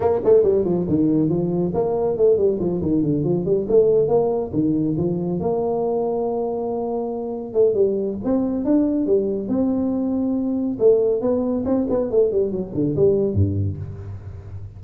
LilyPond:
\new Staff \with { instrumentName = "tuba" } { \time 4/4 \tempo 4 = 139 ais8 a8 g8 f8 dis4 f4 | ais4 a8 g8 f8 dis8 d8 f8 | g8 a4 ais4 dis4 f8~ | f8 ais2.~ ais8~ |
ais4. a8 g4 c'4 | d'4 g4 c'2~ | c'4 a4 b4 c'8 b8 | a8 g8 fis8 d8 g4 g,4 | }